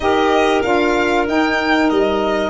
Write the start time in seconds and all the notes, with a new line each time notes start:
0.00 D#4 G4 A#4 D#5
0.62 D4 F4 F5
1.26 D#4 G5
1.89 G3 D#5